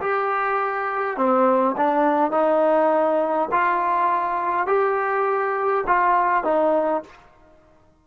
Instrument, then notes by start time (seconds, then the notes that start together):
trombone
0.00 G4
1.17 C4
1.76 D4
2.31 D#4
3.51 F4
4.66 G4
5.87 F4
6.43 D#4